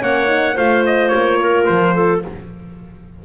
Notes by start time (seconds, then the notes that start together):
0.00 A#3 C#4 C#5 F#5
0.26 D#4
0.55 A3 F4 C5 F5
0.86 D#5
1.08 A#3 C#5
1.40 A#4
1.65 F3 C5
1.94 A4